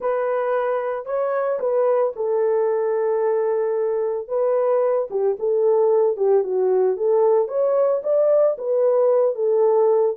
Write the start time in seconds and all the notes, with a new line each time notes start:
0.00 B4
1.05 C#5
1.59 B4
2.16 A4
4.28 B4
5.10 G4
5.39 A4
6.16 G4
6.43 F#4
6.96 A4
7.48 C#5
8.03 D5
8.58 B4
9.35 A4